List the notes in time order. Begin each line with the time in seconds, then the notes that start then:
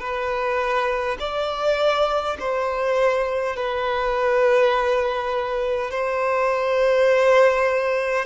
0.00 B4
1.20 D5
2.40 C5
3.56 B4
5.91 C5